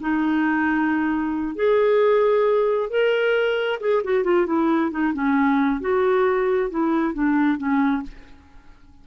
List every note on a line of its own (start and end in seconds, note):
0.00 1.55 D#4
1.55 2.90 G#4
2.90 3.79 A#4
3.80 4.02 G#4
4.04 4.24 F#4
4.24 4.46 F4
4.46 4.91 E4
4.91 5.13 D#4
5.13 5.80 C#4
5.80 6.70 F#4
6.70 7.14 E4
7.14 7.58 D4
7.58 8.02 C#4